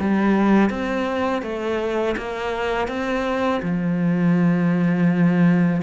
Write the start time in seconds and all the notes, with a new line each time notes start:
0.00 G3
0.70 C4
1.43 A3
2.17 A#3
2.88 C4
3.63 F3